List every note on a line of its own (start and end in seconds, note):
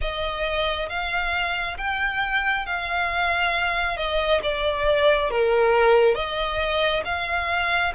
0.01 0.89 D#5
0.89 1.77 F5
1.77 2.66 G5
2.66 3.96 F5
3.96 4.40 D#5
4.42 5.30 D5
5.30 6.14 A#4
6.14 7.03 D#5
7.05 7.93 F5